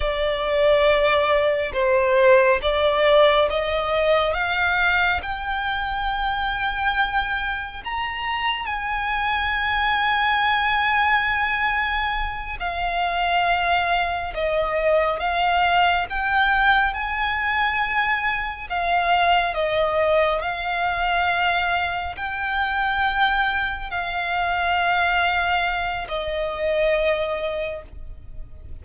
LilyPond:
\new Staff \with { instrumentName = "violin" } { \time 4/4 \tempo 4 = 69 d''2 c''4 d''4 | dis''4 f''4 g''2~ | g''4 ais''4 gis''2~ | gis''2~ gis''8 f''4.~ |
f''8 dis''4 f''4 g''4 gis''8~ | gis''4. f''4 dis''4 f''8~ | f''4. g''2 f''8~ | f''2 dis''2 | }